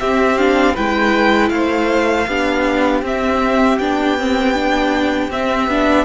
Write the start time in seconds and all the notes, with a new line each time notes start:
0.00 C4 G4 E5
0.38 D4 F5
0.74 G#3 E4 B4 G5
1.49 A3 C5 F5
2.28 B3 D4 G4
3.02 C4 E5
3.79 B3 D4 G5
4.18 C4
4.55 D4
5.30 C4 E5
5.67 B3 D4